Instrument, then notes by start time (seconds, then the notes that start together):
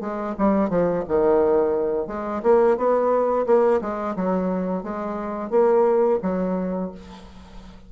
bassoon
0.00 G#3
0.39 G3
0.69 F3
1.08 D#3
2.07 G#3
2.43 A#3
2.77 B3
3.46 A#3
3.81 G#3
4.16 F#3
4.83 G#3
5.50 A#3
6.22 F#3